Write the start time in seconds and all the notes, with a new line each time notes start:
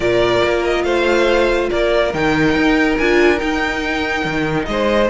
0.00 A#2 F4 A#4 D5
0.44 A#3
0.64 D#5
0.84 A3 C5 F5
1.69 A#3 A#4 D5
2.13 D#3 D#4 G5
2.55 D#4
2.97 D4 F4 G#5
3.38 D#4 G5
4.24 D#3
4.65 G#3 C5 D#5